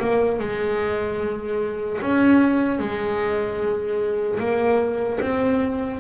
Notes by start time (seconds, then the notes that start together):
0.00 A#3
0.40 G#3
2.02 C#4
2.79 G#3
4.40 A#3
5.21 C4